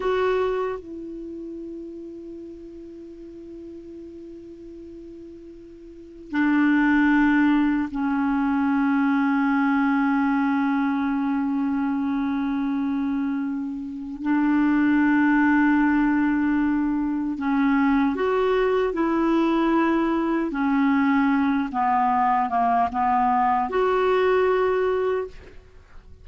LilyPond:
\new Staff \with { instrumentName = "clarinet" } { \time 4/4 \tempo 4 = 76 fis'4 e'2.~ | e'1 | d'2 cis'2~ | cis'1~ |
cis'2 d'2~ | d'2 cis'4 fis'4 | e'2 cis'4. b8~ | b8 ais8 b4 fis'2 | }